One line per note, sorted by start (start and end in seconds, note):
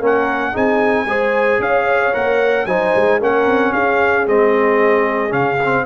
0.00 0.53 A#3
0.00 0.52 C#4
0.00 0.52 A#4
0.00 0.56 F#5
0.52 1.05 C4
0.52 1.06 D#4
0.52 1.05 G#4
0.52 1.62 G#5
1.05 1.59 G#3
1.05 2.13 G#4
1.05 1.61 C5
1.59 2.12 C#4
1.59 2.67 C#5
1.59 2.14 F5
2.13 2.65 A#3
2.13 2.66 A#4
2.13 2.66 F#5
2.65 2.92 F#3
2.65 3.20 D#4
2.65 3.19 C5
2.65 3.19 G#5
2.95 3.22 G#3
3.19 3.46 A#3
3.19 4.26 C#4
3.19 3.72 A#4
3.19 3.73 F#5
3.46 3.72 C4
3.72 4.26 C#4
3.72 5.85 G#4
3.72 4.26 F5
4.26 5.32 G#3
4.26 5.29 C4
4.26 5.32 D#5
5.29 5.85 C#3
5.29 5.56 C#4
5.29 5.85 F5
5.63 5.86 C4